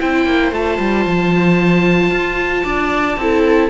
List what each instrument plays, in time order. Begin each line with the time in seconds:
0.00 cello C4, viola E4 C5, oboe G5
0.26 cello A#3
0.52 cello A3, viola F4, oboe A5
0.80 cello G3
1.06 cello F3
2.11 cello F4
2.65 cello D4, viola D5
3.17 cello C4, viola E4 A4